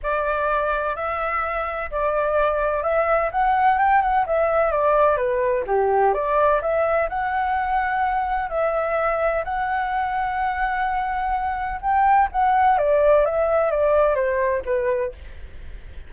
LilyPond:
\new Staff \with { instrumentName = "flute" } { \time 4/4 \tempo 4 = 127 d''2 e''2 | d''2 e''4 fis''4 | g''8 fis''8 e''4 d''4 b'4 | g'4 d''4 e''4 fis''4~ |
fis''2 e''2 | fis''1~ | fis''4 g''4 fis''4 d''4 | e''4 d''4 c''4 b'4 | }